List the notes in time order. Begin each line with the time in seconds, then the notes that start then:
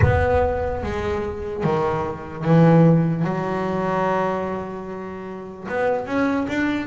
0.01 B3
0.83 G#3
1.63 D#3
2.44 E3
3.24 F#3
5.68 B3
6.06 C#4
6.48 D4